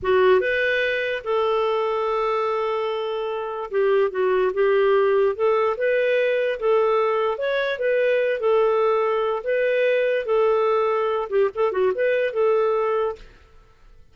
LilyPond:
\new Staff \with { instrumentName = "clarinet" } { \time 4/4 \tempo 4 = 146 fis'4 b'2 a'4~ | a'1~ | a'4 g'4 fis'4 g'4~ | g'4 a'4 b'2 |
a'2 cis''4 b'4~ | b'8 a'2~ a'8 b'4~ | b'4 a'2~ a'8 g'8 | a'8 fis'8 b'4 a'2 | }